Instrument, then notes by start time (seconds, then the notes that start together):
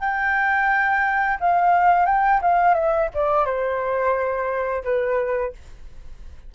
flute
0.00 G5
1.41 F5
2.06 G5
2.42 F5
2.75 E5
3.14 D5
3.46 C5
4.84 B4